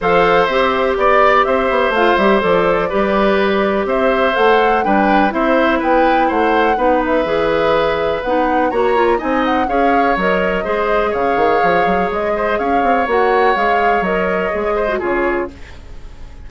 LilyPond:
<<
  \new Staff \with { instrumentName = "flute" } { \time 4/4 \tempo 4 = 124 f''4 e''4 d''4 e''4 | f''8 e''8 d''2. | e''4 fis''4 g''4 e''4 | g''4 fis''4. e''4.~ |
e''4 fis''4 ais''4 gis''8 fis''8 | f''4 dis''2 f''4~ | f''4 dis''4 f''4 fis''4 | f''4 dis''2 cis''4 | }
  \new Staff \with { instrumentName = "oboe" } { \time 4/4 c''2 d''4 c''4~ | c''2 b'2 | c''2 b'4 c''4 | b'4 c''4 b'2~ |
b'2 cis''4 dis''4 | cis''2 c''4 cis''4~ | cis''4. c''8 cis''2~ | cis''2~ cis''8 c''8 gis'4 | }
  \new Staff \with { instrumentName = "clarinet" } { \time 4/4 a'4 g'2. | f'8 g'8 a'4 g'2~ | g'4 a'4 d'4 e'4~ | e'2 dis'4 gis'4~ |
gis'4 dis'4 fis'8 f'8 dis'4 | gis'4 ais'4 gis'2~ | gis'2. fis'4 | gis'4 ais'4 gis'8. fis'16 f'4 | }
  \new Staff \with { instrumentName = "bassoon" } { \time 4/4 f4 c'4 b4 c'8 b8 | a8 g8 f4 g2 | c'4 a4 g4 c'4 | b4 a4 b4 e4~ |
e4 b4 ais4 c'4 | cis'4 fis4 gis4 cis8 dis8 | f8 fis8 gis4 cis'8 c'8 ais4 | gis4 fis4 gis4 cis4 | }
>>